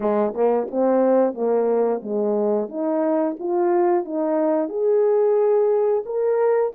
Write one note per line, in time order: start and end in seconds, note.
0.00 0.33 G#3
0.34 0.67 A#3
0.70 1.33 C4
1.33 2.01 A#3
2.02 2.68 G#3
2.68 3.36 D#4
3.39 4.04 F4
4.04 4.69 D#4
4.69 6.03 G#4
6.05 6.72 A#4